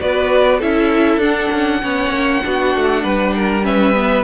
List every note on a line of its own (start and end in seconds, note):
0.00 0.62 B3
0.00 0.61 F#4
0.00 0.58 B4
0.00 0.61 D5
0.58 1.18 C#4
0.58 1.22 E4
0.58 1.79 A4
0.58 1.22 E5
1.18 1.48 D4
1.18 1.82 D4
1.18 3.65 F#5
1.52 1.83 C#4
1.82 2.10 B3
1.82 2.43 C#4
1.82 2.44 C#5
2.10 2.41 A#3
2.44 2.76 B3
2.44 3.63 D4
2.44 3.04 F#4
2.76 3.04 A3
3.04 4.24 G3
3.04 3.34 B4
3.36 3.66 A#4
3.63 3.93 C#4
3.63 4.24 B4
3.63 4.24 E5
3.94 4.24 B3